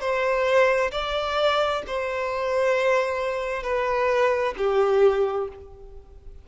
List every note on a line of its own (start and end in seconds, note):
0.00 0.91 C5
0.91 1.82 D5
1.87 3.63 C5
3.63 4.54 B4
4.57 5.48 G4